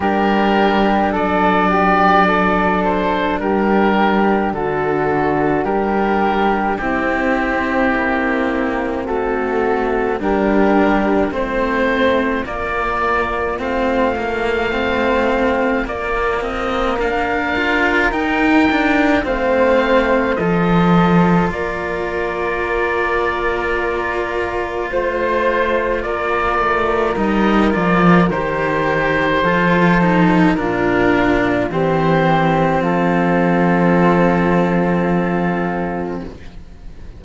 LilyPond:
<<
  \new Staff \with { instrumentName = "oboe" } { \time 4/4 \tempo 4 = 53 ais'4 d''4. c''8 ais'4 | a'4 ais'4 g'2 | a'4 ais'4 c''4 d''4 | f''2 d''8 dis''8 f''4 |
g''4 f''4 dis''4 d''4~ | d''2 c''4 d''4 | dis''8 d''8 c''2 ais'4 | c''4 a'2. | }
  \new Staff \with { instrumentName = "flute" } { \time 4/4 g'4 a'8 g'8 a'4 g'4 | fis'4 g'4 e'2 | fis'4 g'4 f'2~ | f'2. ais'4~ |
ais'4 c''4 a'4 ais'4~ | ais'2 c''4 ais'4~ | ais'2 a'4 f'4 | g'4 f'2. | }
  \new Staff \with { instrumentName = "cello" } { \time 4/4 d'1~ | d'2 c'2~ | c'4 d'4 c'4 ais4 | c'8 ais8 c'4 ais4. f'8 |
dis'8 d'8 c'4 f'2~ | f'1 | dis'8 f'8 g'4 f'8 dis'8 d'4 | c'1 | }
  \new Staff \with { instrumentName = "cello" } { \time 4/4 g4 fis2 g4 | d4 g4 c'4 ais4 | a4 g4 a4 ais4 | a2 ais8 c'8 d'4 |
dis'4 a4 f4 ais4~ | ais2 a4 ais8 a8 | g8 f8 dis4 f4 ais,4 | e4 f2. | }
>>